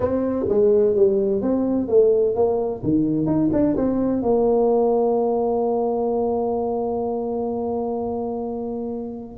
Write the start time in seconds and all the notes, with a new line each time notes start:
0.00 C4
0.49 G#3
0.95 G3
1.41 C4
1.88 A3
2.35 A#3
2.83 D#3
3.26 D#4
3.52 D4
3.76 C4
4.21 A#3